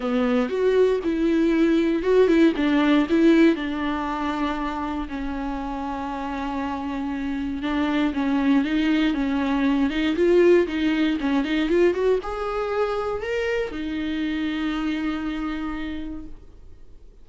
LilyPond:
\new Staff \with { instrumentName = "viola" } { \time 4/4 \tempo 4 = 118 b4 fis'4 e'2 | fis'8 e'8 d'4 e'4 d'4~ | d'2 cis'2~ | cis'2. d'4 |
cis'4 dis'4 cis'4. dis'8 | f'4 dis'4 cis'8 dis'8 f'8 fis'8 | gis'2 ais'4 dis'4~ | dis'1 | }